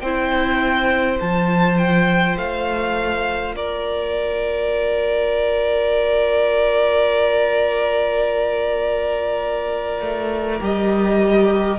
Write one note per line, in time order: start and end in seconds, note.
0.00 1.19 C4
0.00 1.20 E4
0.00 3.55 C5
0.00 1.18 G5
1.20 2.37 F3
1.20 10.60 F4
1.20 1.77 A5
1.77 2.36 G5
2.37 3.54 A3
2.37 3.55 F5
3.54 10.01 A#3
3.54 11.78 A#4
3.54 10.62 D5
10.01 10.60 A3
10.60 11.78 G3
10.60 11.78 G4
10.60 11.78 D#5